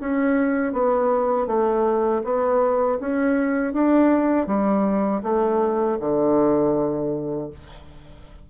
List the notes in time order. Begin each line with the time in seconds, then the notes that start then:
0.00 C#4
0.73 B3
1.47 A3
2.24 B3
3.00 C#4
3.73 D4
4.47 G3
5.23 A3
6.00 D3